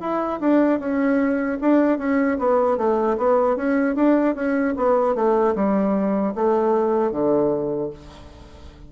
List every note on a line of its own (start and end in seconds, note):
0.00 0.39 E4
0.40 0.79 D4
0.79 1.58 C#4
1.61 1.98 D4
1.98 2.38 C#4
2.39 2.77 B3
2.77 3.17 A3
3.17 3.56 B3
3.56 3.95 C#4
3.95 4.35 D4
4.35 4.74 C#4
4.76 5.15 B3
5.15 5.54 A3
5.55 6.34 G3
6.35 7.11 A3
7.11 7.90 D3